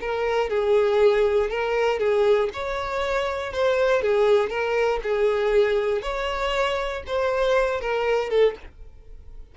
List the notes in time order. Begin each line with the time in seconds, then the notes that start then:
0.00 A#4
0.49 G#4
1.50 A#4
1.99 G#4
2.53 C#5
3.52 C5
4.02 G#4
4.49 A#4
5.03 G#4
6.02 C#5
7.07 C5
7.80 A#4
8.30 A4